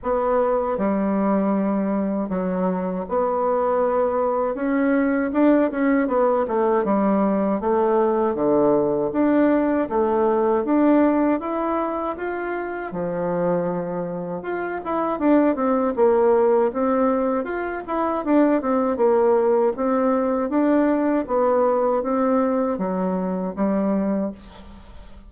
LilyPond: \new Staff \with { instrumentName = "bassoon" } { \time 4/4 \tempo 4 = 79 b4 g2 fis4 | b2 cis'4 d'8 cis'8 | b8 a8 g4 a4 d4 | d'4 a4 d'4 e'4 |
f'4 f2 f'8 e'8 | d'8 c'8 ais4 c'4 f'8 e'8 | d'8 c'8 ais4 c'4 d'4 | b4 c'4 fis4 g4 | }